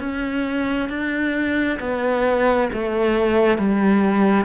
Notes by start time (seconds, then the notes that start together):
0.00 C#4
0.90 D4
1.80 B3
2.73 A3
3.58 G3